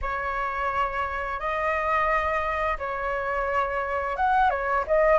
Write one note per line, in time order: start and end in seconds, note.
0.01 1.39 C#5
1.39 2.77 D#5
2.78 4.16 C#5
4.16 4.50 F#5
4.50 4.84 C#5
4.87 5.19 D#5